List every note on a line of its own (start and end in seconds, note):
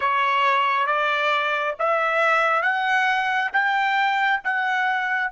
0.00 0.86 C#5
0.86 1.74 D5
1.79 2.62 E5
2.62 3.51 F#5
3.52 4.40 G5
4.44 5.31 F#5